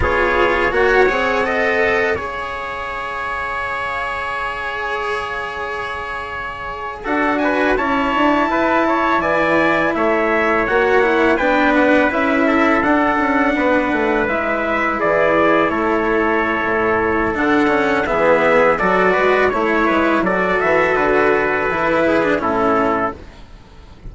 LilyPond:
<<
  \new Staff \with { instrumentName = "trumpet" } { \time 4/4 \tempo 4 = 83 cis''4 fis''2 f''4~ | f''1~ | f''4.~ f''16 fis''8 gis''8 a''4~ a''16~ | a''8. gis''4 e''4 fis''4 g''16~ |
g''16 fis''8 e''4 fis''2 e''16~ | e''8. d''4 cis''2~ cis''16 | fis''4 e''4 d''4 cis''4 | d''8 e''8 b'2 a'4 | }
  \new Staff \with { instrumentName = "trumpet" } { \time 4/4 gis'4 cis''4 dis''4 cis''4~ | cis''1~ | cis''4.~ cis''16 a'8 b'8 cis''4 b'16~ | b'16 cis''8 d''4 cis''2 b'16~ |
b'4~ b'16 a'4. b'4~ b'16~ | b'8. gis'4 a'2~ a'16~ | a'4 gis'4 a'8 b'8 cis''8 b'8 | a'2~ a'8 gis'8 e'4 | }
  \new Staff \with { instrumentName = "cello" } { \time 4/4 f'4 fis'8 gis'8 a'4 gis'4~ | gis'1~ | gis'4.~ gis'16 fis'4 e'4~ e'16~ | e'2~ e'8. fis'8 e'8 d'16~ |
d'8. e'4 d'2 e'16~ | e'1 | d'8 cis'8 b4 fis'4 e'4 | fis'2 e'8. d'16 cis'4 | }
  \new Staff \with { instrumentName = "bassoon" } { \time 4/4 b4 ais8 c'4. cis'4~ | cis'1~ | cis'4.~ cis'16 d'4 cis'8 d'8 e'16~ | e'8. e4 a4 ais4 b16~ |
b8. cis'4 d'8 cis'8 b8 a8 gis16~ | gis8. e4 a4~ a16 a,4 | d4 e4 fis8 gis8 a8 gis8 | fis8 e8 d4 e4 a,4 | }
>>